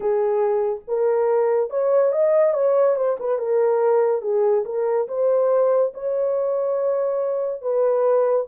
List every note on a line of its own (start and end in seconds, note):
0.00 0.80 G#4
0.87 1.69 A#4
1.69 2.12 C#5
2.12 2.53 D#5
2.53 2.95 C#5
2.96 3.17 C5
3.19 3.38 B4
3.38 4.21 A#4
4.21 4.64 G#4
4.65 5.07 A#4
5.08 5.92 C5
5.94 7.61 C#5
7.61 8.45 B4